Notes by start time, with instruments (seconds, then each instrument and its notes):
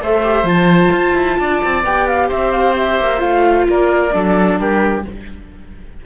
0.00 cello A3, viola A4, oboe C5, flute E5
0.23 viola G4
0.44 cello F3, viola F4, flute A5
0.92 cello F4
1.14 cello E4
1.39 cello D4, oboe D5
1.64 cello C4
1.84 cello B3, viola G4, flute G5
2.07 flute F5
2.28 cello C4, oboe C5, flute E5
2.52 flute F5
2.77 flute E5
3.00 cello A#3
3.18 cello A3, viola F4, flute F5
3.69 cello A#3, oboe A#4, flute D5
4.12 cello F#3, viola D4, oboe A4
4.59 cello G3, oboe G4, flute A#4